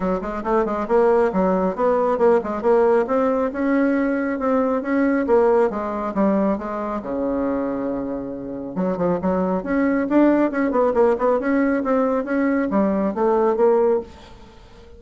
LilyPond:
\new Staff \with { instrumentName = "bassoon" } { \time 4/4 \tempo 4 = 137 fis8 gis8 a8 gis8 ais4 fis4 | b4 ais8 gis8 ais4 c'4 | cis'2 c'4 cis'4 | ais4 gis4 g4 gis4 |
cis1 | fis8 f8 fis4 cis'4 d'4 | cis'8 b8 ais8 b8 cis'4 c'4 | cis'4 g4 a4 ais4 | }